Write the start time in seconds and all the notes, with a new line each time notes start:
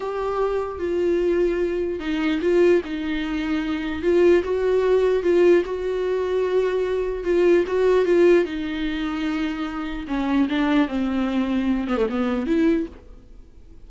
0.00 G4
0.78 F4
1.99 D#4
2.41 F4
2.84 D#4
4.02 F4
4.43 F#4
5.23 F4
5.65 F#4
7.24 F4
7.67 F#4
8.05 F4
8.45 D#4
10.07 C#4
10.49 D4
10.88 C4
11.87 B3
11.97 A3
12.09 B3
12.46 E4